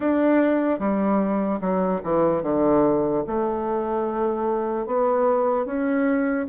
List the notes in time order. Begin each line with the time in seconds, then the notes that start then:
0.00 D4
0.79 G3
1.60 F#3
2.03 E3
2.43 D3
3.27 A3
4.86 B3
5.65 C#4